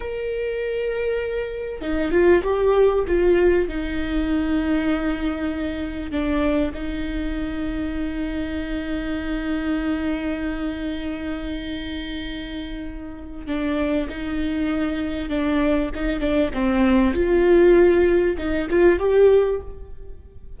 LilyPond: \new Staff \with { instrumentName = "viola" } { \time 4/4 \tempo 4 = 98 ais'2. dis'8 f'8 | g'4 f'4 dis'2~ | dis'2 d'4 dis'4~ | dis'1~ |
dis'1~ | dis'2 d'4 dis'4~ | dis'4 d'4 dis'8 d'8 c'4 | f'2 dis'8 f'8 g'4 | }